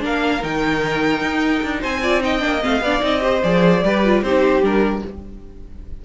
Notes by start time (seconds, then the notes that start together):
0.00 A#3 D4 A#4 F5
0.42 D#3 D#4 G5
1.22 D#4
1.63 D4
1.81 C4 C5 G#5
2.03 F4 D5
2.21 D#4 D#5 G5
2.40 A#3 D4
2.63 A3 C4 F5
2.81 B3 D4 D5
3.01 C4 D#4 D#5
3.21 G4 C5
3.43 F3 G#4 D5
3.83 G3 G4 B4
4.05 F4
4.22 C4 D#4 G4 C5
4.62 G3 D4 A#4